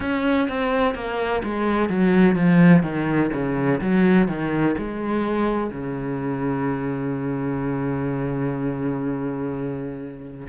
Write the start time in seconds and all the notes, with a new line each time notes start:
0.00 C#4
0.48 C4
0.94 A#3
1.43 G#3
1.89 F#3
2.35 F3
2.82 D#3
3.32 C#3
3.81 F#3
4.28 D#3
4.78 G#3
5.70 C#3